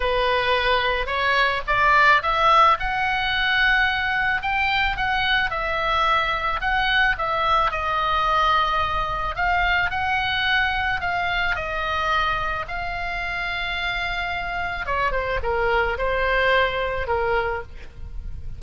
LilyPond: \new Staff \with { instrumentName = "oboe" } { \time 4/4 \tempo 4 = 109 b'2 cis''4 d''4 | e''4 fis''2. | g''4 fis''4 e''2 | fis''4 e''4 dis''2~ |
dis''4 f''4 fis''2 | f''4 dis''2 f''4~ | f''2. cis''8 c''8 | ais'4 c''2 ais'4 | }